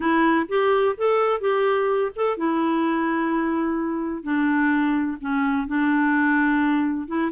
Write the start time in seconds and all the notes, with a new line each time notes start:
0.00 E4
0.48 G4
0.97 A4
1.40 G4
2.15 A4
2.37 E4
4.23 D4
5.21 C#4
5.67 D4
7.07 E4